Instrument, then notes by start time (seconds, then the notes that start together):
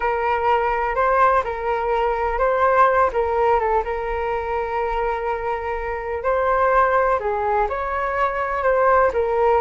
flute
0.00 A#4
0.95 C5
1.44 A#4
2.38 C5
3.12 A#4
3.59 A4
3.84 A#4
6.23 C5
7.19 G#4
7.69 C#5
8.63 C5
9.13 A#4